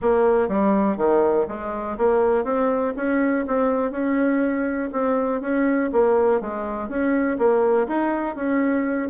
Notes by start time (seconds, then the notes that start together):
0.01 A#3
0.48 G3
0.97 D#3
1.48 G#3
1.97 A#3
2.44 C4
2.96 C#4
3.47 C4
3.91 C#4
4.92 C4
5.41 C#4
5.92 A#3
6.40 G#3
6.88 C#4
7.38 A#3
7.87 D#4
8.35 C#4